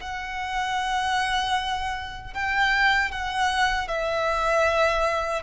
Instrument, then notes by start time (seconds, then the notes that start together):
violin
0.00 F#5
2.33 G5
3.11 F#5
3.87 E5